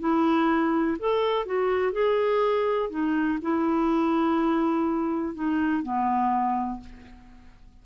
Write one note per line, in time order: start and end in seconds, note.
0.00 0.98 E4
0.99 1.46 A4
1.46 1.92 F#4
1.92 2.90 G#4
2.90 3.39 D#4
3.42 5.35 E4
5.35 5.83 D#4
5.83 6.80 B3